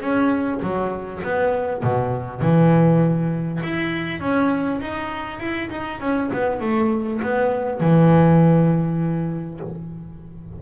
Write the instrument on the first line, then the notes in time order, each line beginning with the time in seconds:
double bass
0.00 C#4
0.62 F#3
1.23 B3
1.83 B2
2.41 E3
3.63 E4
4.20 C#4
4.80 D#4
5.40 E4
5.70 D#4
6.00 C#4
6.33 B3
6.60 A3
7.22 B3
7.80 E3